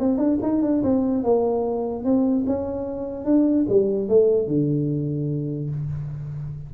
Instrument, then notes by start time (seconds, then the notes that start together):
tuba
0.00 C4
0.18 D4
0.42 D#4
0.63 D4
0.83 C4
1.24 A#3
2.05 C4
2.47 C#4
3.25 D4
3.69 G3
4.09 A3
4.47 D3